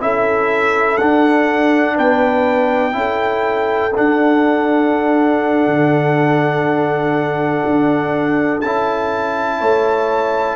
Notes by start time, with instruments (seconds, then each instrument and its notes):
0.00 tuba C#4, trombone E4, horn A4, trumpet E5
0.97 trombone D4, tuba D4, trumpet F#5
1.95 tuba B3, horn B4, trumpet G5
2.92 tuba C#4, trombone E4, horn A4
3.95 trombone D4, tuba D4, trumpet F#5
5.66 tuba D3
7.65 tuba D4
8.61 tuba C#4, trombone E4, trumpet A5
9.58 tuba A3, horn C#5